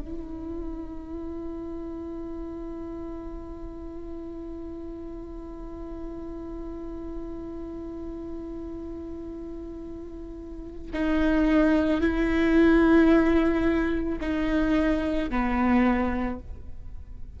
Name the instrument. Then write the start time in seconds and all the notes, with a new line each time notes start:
viola
0.00 E4
10.93 D#4
12.00 E4
14.20 D#4
15.30 B3